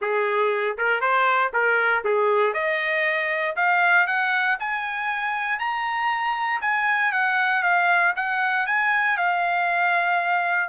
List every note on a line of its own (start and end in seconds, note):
0.01 0.77 G#4
0.77 1.01 A#4
1.01 1.51 C5
1.53 2.03 A#4
2.04 2.53 G#4
2.53 3.55 D#5
3.55 4.06 F5
4.07 4.57 F#5
4.59 5.59 G#5
5.59 6.60 A#5
6.61 7.11 G#5
7.11 7.62 F#5
7.62 8.13 F5
8.16 8.66 F#5
8.66 9.17 G#5
9.17 10.69 F5